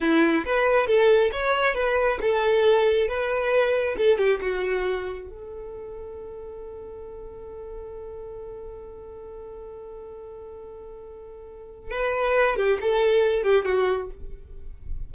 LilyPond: \new Staff \with { instrumentName = "violin" } { \time 4/4 \tempo 4 = 136 e'4 b'4 a'4 cis''4 | b'4 a'2 b'4~ | b'4 a'8 g'8 fis'2 | a'1~ |
a'1~ | a'1~ | a'2. b'4~ | b'8 g'8 a'4. g'8 fis'4 | }